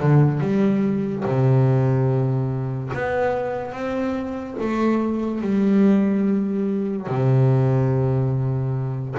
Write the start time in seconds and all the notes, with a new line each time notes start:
0.00 D3
0.40 G3
1.25 C3
2.93 B3
3.72 C4
4.60 A3
5.41 G3
7.07 C3